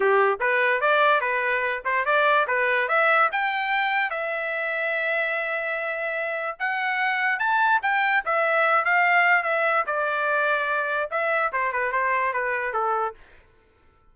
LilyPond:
\new Staff \with { instrumentName = "trumpet" } { \time 4/4 \tempo 4 = 146 g'4 b'4 d''4 b'4~ | b'8 c''8 d''4 b'4 e''4 | g''2 e''2~ | e''1 |
fis''2 a''4 g''4 | e''4. f''4. e''4 | d''2. e''4 | c''8 b'8 c''4 b'4 a'4 | }